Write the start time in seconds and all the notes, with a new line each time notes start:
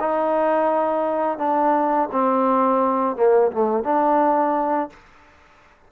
0.00 D#4
1.38 D4
2.12 C4
3.16 A#3
3.52 A3
3.84 D4